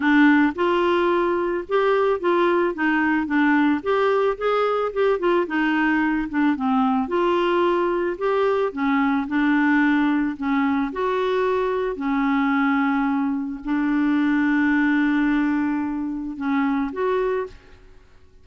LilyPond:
\new Staff \with { instrumentName = "clarinet" } { \time 4/4 \tempo 4 = 110 d'4 f'2 g'4 | f'4 dis'4 d'4 g'4 | gis'4 g'8 f'8 dis'4. d'8 | c'4 f'2 g'4 |
cis'4 d'2 cis'4 | fis'2 cis'2~ | cis'4 d'2.~ | d'2 cis'4 fis'4 | }